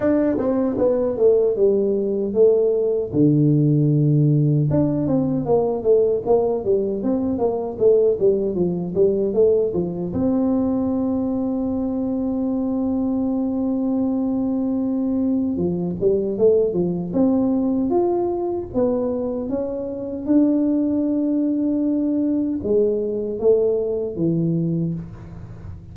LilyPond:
\new Staff \with { instrumentName = "tuba" } { \time 4/4 \tempo 4 = 77 d'8 c'8 b8 a8 g4 a4 | d2 d'8 c'8 ais8 a8 | ais8 g8 c'8 ais8 a8 g8 f8 g8 | a8 f8 c'2.~ |
c'1 | f8 g8 a8 f8 c'4 f'4 | b4 cis'4 d'2~ | d'4 gis4 a4 e4 | }